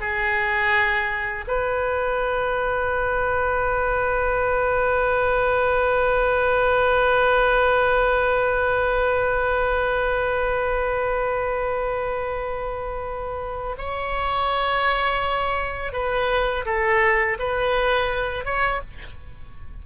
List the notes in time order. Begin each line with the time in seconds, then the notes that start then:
0.00 G#4
1.47 B4
13.78 C#5
15.92 B4
16.65 A4
17.39 B4
18.45 C#5